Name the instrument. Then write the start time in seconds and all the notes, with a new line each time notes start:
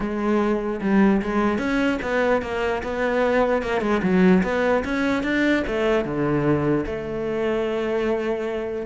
cello
0.00 G#3
0.81 G3
1.22 G#3
1.58 C#4
2.02 B3
2.42 A#3
2.83 B3
3.62 A#3
3.81 G#3
4.02 F#3
4.43 B3
4.84 C#4
5.23 D4
5.67 A3
6.04 D3
6.86 A3